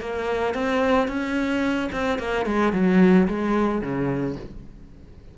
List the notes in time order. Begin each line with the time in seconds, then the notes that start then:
0.00 A#3
0.54 C4
1.08 C#4
1.92 C4
2.18 A#3
2.45 G#3
2.72 F#3
3.28 G#3
3.81 C#3